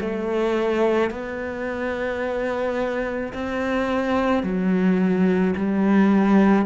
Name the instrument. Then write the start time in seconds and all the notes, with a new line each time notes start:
cello
0.00 A3
1.10 B3
3.33 C4
4.43 F#3
5.56 G3